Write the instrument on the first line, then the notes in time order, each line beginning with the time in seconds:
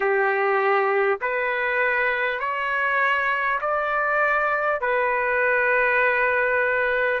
trumpet
0.00 G4
1.21 B4
2.39 C#5
3.61 D5
4.80 B4